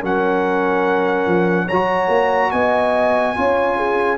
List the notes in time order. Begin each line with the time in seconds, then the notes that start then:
0.00 F#3 C#4 A#4 F#5
1.26 F3
1.66 F#3 C#5 A#5
1.73 F#4
2.08 A#3
2.51 B3 D#5 G#5
3.36 C#4 F4 C#5
3.77 G#4